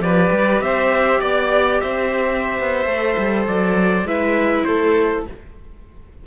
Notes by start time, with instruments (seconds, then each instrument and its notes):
0.00 cello F3, viola G4, violin B4, trumpet D5
0.32 cello G3
0.61 cello C4, violin C5, trumpet E5
1.20 cello B3, violin D5, trumpet D5
1.81 cello C4, violin C5, trumpet E5
2.60 cello B3
2.86 cello A3, viola A4
3.18 cello G3
3.48 cello F#3, trumpet D5
4.04 cello G#3, viola E4, violin B4, trumpet E5
4.65 cello A3, violin A4, trumpet C5